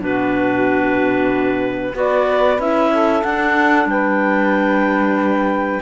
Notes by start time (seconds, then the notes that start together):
0.00 B2 D4 F#4 B4
1.94 B3 F#4 B4 D5
2.58 C#4 E4 E5
2.91 A4
3.23 D4 F#5
3.86 G3 B4 G5